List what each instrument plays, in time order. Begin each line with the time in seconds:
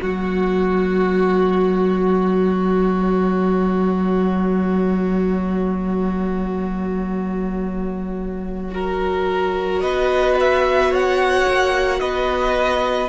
0.00 cello F#3, viola A#3, violin F#4
3.01 violin C#5
8.72 viola F#4, violin A#4
9.81 cello B3, violin B4 D#5
10.40 violin E5
10.91 violin C#5 F#5
11.48 cello A#3
12.00 cello B3, violin B4 D#5